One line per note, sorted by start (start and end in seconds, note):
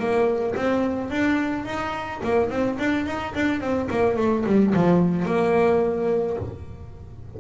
0.00 0.56 A#3
0.56 1.11 C4
1.11 1.66 D4
1.66 2.21 D#4
2.24 2.51 A#3
2.51 2.79 C4
2.79 3.07 D4
3.07 3.34 D#4
3.35 3.61 D4
3.61 3.89 C4
3.91 4.17 A#3
4.17 4.45 A3
4.46 4.74 G3
4.75 5.26 F3
5.26 6.37 A#3